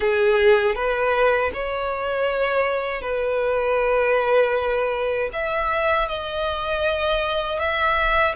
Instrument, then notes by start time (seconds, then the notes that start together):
violin
0.00 G#4
0.75 B4
1.53 C#5
3.01 B4
5.32 E5
6.08 D#5
7.59 E5